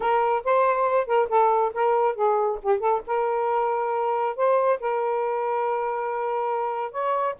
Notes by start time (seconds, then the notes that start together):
0.00 A#4
0.44 C5
1.07 A#4
1.29 A4
1.74 A#4
2.15 G#4
2.62 G4
2.79 A4
3.07 A#4
4.36 C5
4.79 A#4
6.91 C#5